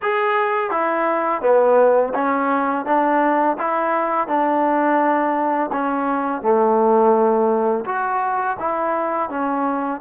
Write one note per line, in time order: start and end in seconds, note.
0.02 0.70 G#4
0.70 1.41 E4
1.41 2.13 B3
2.14 2.85 C#4
2.85 3.56 D4
3.57 4.27 E4
4.27 5.70 D4
5.72 6.42 C#4
6.42 7.84 A3
7.85 8.56 F#4
8.59 9.29 E4
9.29 10.01 C#4